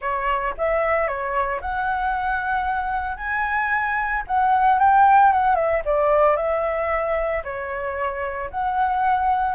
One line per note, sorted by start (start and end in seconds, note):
0.01 0.54 C#5
0.57 1.07 E5
1.07 1.60 C#5
1.61 3.17 F#5
3.17 4.23 G#5
4.27 4.79 F#5
4.79 5.32 G5
5.32 5.55 F#5
5.55 5.81 E5
5.85 6.36 D5
6.36 7.42 E5
7.44 8.50 C#5
8.50 9.55 F#5